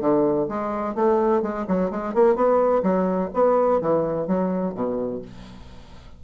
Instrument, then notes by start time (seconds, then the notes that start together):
bassoon
0.00 D3
0.49 G#3
0.95 A3
1.42 G#3
1.68 F#3
1.90 G#3
2.14 A#3
2.35 B3
2.83 F#3
3.33 B3
3.81 E3
4.27 F#3
4.74 B2